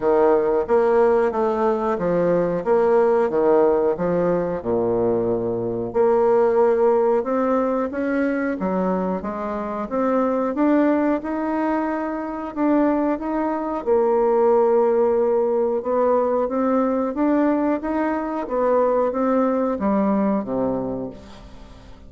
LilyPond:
\new Staff \with { instrumentName = "bassoon" } { \time 4/4 \tempo 4 = 91 dis4 ais4 a4 f4 | ais4 dis4 f4 ais,4~ | ais,4 ais2 c'4 | cis'4 fis4 gis4 c'4 |
d'4 dis'2 d'4 | dis'4 ais2. | b4 c'4 d'4 dis'4 | b4 c'4 g4 c4 | }